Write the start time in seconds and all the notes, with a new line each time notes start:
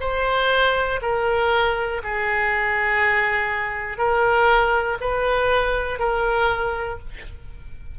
0.00 C5
1.01 A#4
2.03 G#4
3.98 A#4
5.00 B4
5.99 A#4